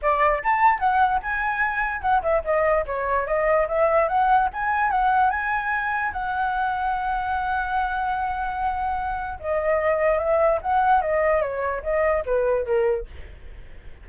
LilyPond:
\new Staff \with { instrumentName = "flute" } { \time 4/4 \tempo 4 = 147 d''4 a''4 fis''4 gis''4~ | gis''4 fis''8 e''8 dis''4 cis''4 | dis''4 e''4 fis''4 gis''4 | fis''4 gis''2 fis''4~ |
fis''1~ | fis''2. dis''4~ | dis''4 e''4 fis''4 dis''4 | cis''4 dis''4 b'4 ais'4 | }